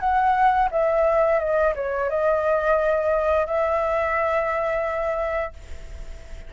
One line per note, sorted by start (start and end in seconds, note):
0.00 0.69 F#5
0.71 1.39 E5
1.39 1.74 D#5
1.75 2.09 C#5
2.09 3.46 D#5
3.46 5.53 E5